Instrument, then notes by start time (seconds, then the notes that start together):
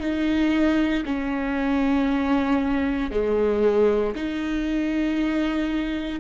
viola
0.00 D#4
1.05 C#4
3.11 G#3
4.15 D#4